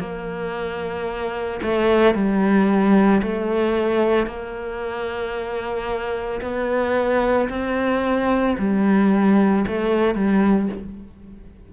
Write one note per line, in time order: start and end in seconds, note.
0.00 1.61 A#3
1.63 2.15 A3
2.15 3.22 G3
3.23 4.27 A3
4.27 6.41 A#3
6.42 7.49 B3
7.50 8.57 C4
8.59 9.66 G3
9.68 10.15 A3
10.15 10.69 G3